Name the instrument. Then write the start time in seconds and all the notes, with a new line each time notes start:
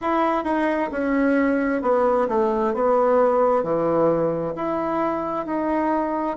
bassoon
0.01 E4
0.44 D#4
0.91 C#4
1.82 B3
2.28 A3
2.74 B3
3.63 E3
4.55 E4
5.45 D#4